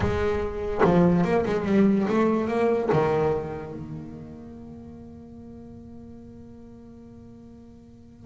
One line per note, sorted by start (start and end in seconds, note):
0.00 0.81 G#3
0.84 1.23 F3
1.23 1.44 A#3
1.45 1.65 G#3
1.65 2.06 G3
2.08 2.48 A3
2.48 2.89 A#3
2.92 3.72 D#3
3.72 8.26 A#3